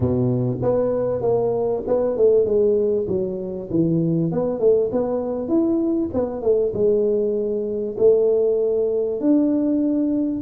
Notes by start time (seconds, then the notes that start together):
0.00 B2
0.62 B3
1.21 A#3
1.87 B3
2.16 A3
2.45 G#3
3.08 F#3
3.70 E3
4.31 B3
4.59 A3
4.91 B3
5.48 E4
6.13 B3
6.41 A3
6.73 G#3
7.98 A3
9.20 D4